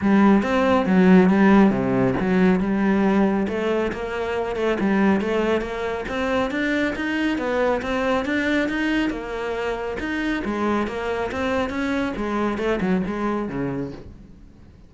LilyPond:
\new Staff \with { instrumentName = "cello" } { \time 4/4 \tempo 4 = 138 g4 c'4 fis4 g4 | c4 fis4 g2 | a4 ais4. a8 g4 | a4 ais4 c'4 d'4 |
dis'4 b4 c'4 d'4 | dis'4 ais2 dis'4 | gis4 ais4 c'4 cis'4 | gis4 a8 fis8 gis4 cis4 | }